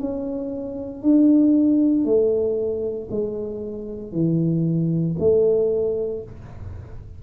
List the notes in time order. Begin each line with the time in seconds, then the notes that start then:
0.00 C#4
1.03 D4
2.05 A3
3.11 G#3
4.13 E3
5.20 A3